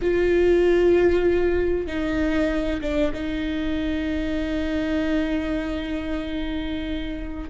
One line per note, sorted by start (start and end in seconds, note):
0.01 1.87 F4
1.87 2.80 D#4
2.81 3.12 D4
3.13 7.49 D#4